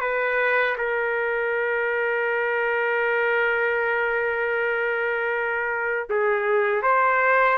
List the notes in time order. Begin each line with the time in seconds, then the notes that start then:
0.00 B4
0.77 A#4
6.09 G#4
6.82 C5